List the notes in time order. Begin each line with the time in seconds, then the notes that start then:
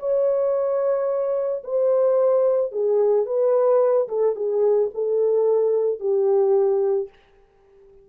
0.00 C#5
1.64 C5
2.72 G#4
3.26 B4
4.09 A4
4.36 G#4
4.95 A4
6.00 G4